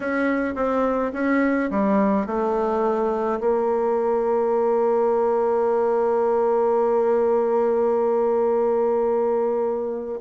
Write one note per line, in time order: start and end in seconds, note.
0.00 0.55 C#4
0.55 1.12 C4
1.13 1.70 C#4
1.70 2.26 G3
2.26 3.39 A3
3.40 10.19 A#3